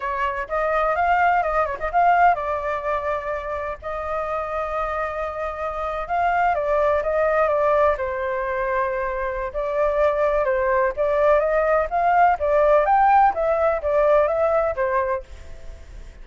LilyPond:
\new Staff \with { instrumentName = "flute" } { \time 4/4 \tempo 4 = 126 cis''4 dis''4 f''4 dis''8 cis''16 dis''16 | f''4 d''2. | dis''1~ | dis''8. f''4 d''4 dis''4 d''16~ |
d''8. c''2.~ c''16 | d''2 c''4 d''4 | dis''4 f''4 d''4 g''4 | e''4 d''4 e''4 c''4 | }